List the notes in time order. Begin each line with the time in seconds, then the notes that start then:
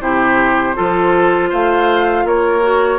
0.00 C3 E4 G4 C5
0.75 F3 F4 A4
1.49 A3 C5 F5
2.24 A#3 A#4 C#5
2.62 F#4